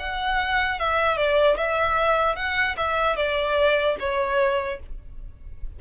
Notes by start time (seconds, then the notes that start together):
0.00 F#5
0.80 E5
1.17 D5
1.57 E5
2.36 F#5
2.77 E5
3.17 D5
4.00 C#5